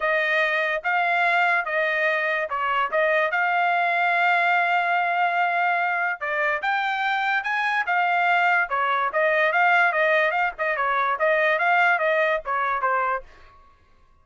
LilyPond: \new Staff \with { instrumentName = "trumpet" } { \time 4/4 \tempo 4 = 145 dis''2 f''2 | dis''2 cis''4 dis''4 | f''1~ | f''2. d''4 |
g''2 gis''4 f''4~ | f''4 cis''4 dis''4 f''4 | dis''4 f''8 dis''8 cis''4 dis''4 | f''4 dis''4 cis''4 c''4 | }